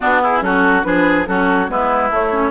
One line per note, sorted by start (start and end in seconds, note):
0.00 0.41 B3
0.00 0.22 D4
0.00 0.21 F#4
0.22 0.43 E4
0.22 0.43 G#4
0.41 0.83 F#3
0.41 0.83 C#4
0.41 0.86 F#4
0.41 0.83 A4
0.83 1.27 F3
0.83 1.25 D4
0.83 1.28 G#4
0.83 1.25 B4
1.27 1.69 F#3
1.27 1.68 C#4
1.27 1.70 F#4
1.27 1.69 A4
1.68 2.10 G#3
1.68 2.10 B3
1.68 2.51 E4
1.68 2.11 B4
2.10 2.51 A3
2.10 2.32 A3
2.10 2.51 C#5
2.32 2.51 C#4